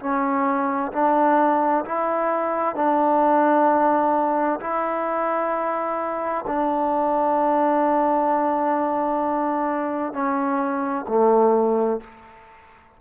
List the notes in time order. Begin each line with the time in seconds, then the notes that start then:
0.00 C#4
0.92 D4
1.85 E4
2.76 D4
4.61 E4
6.47 D4
10.13 C#4
11.09 A3